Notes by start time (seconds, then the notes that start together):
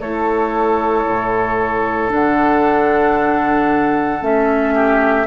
0.00 A3 E4 A4 C#5
1.05 A2
2.09 D3 D4 F#5
4.21 A3 C#4 E5
4.74 G4